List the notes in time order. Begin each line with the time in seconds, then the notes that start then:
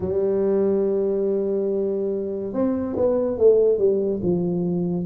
0.00 G3
2.53 C4
2.96 B3
3.37 A3
3.78 G3
4.22 F3